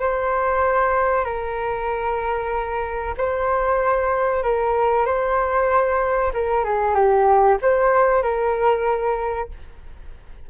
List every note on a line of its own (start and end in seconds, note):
0.00 1.25 C5
1.25 3.14 A#4
3.18 4.43 C5
4.43 5.06 A#4
5.06 6.32 C5
6.33 6.64 A#4
6.64 6.95 G#4
6.95 7.58 G4
7.62 8.23 C5
8.23 9.49 A#4